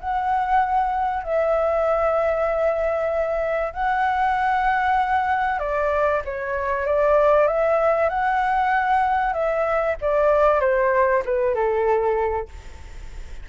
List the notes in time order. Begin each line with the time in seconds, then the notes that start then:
0.00 F#5
1.23 E5
3.73 F#5
5.59 D5
6.25 C#5
6.86 D5
7.47 E5
8.09 F#5
9.33 E5
10.01 D5
10.60 C5
11.25 B4
11.55 A4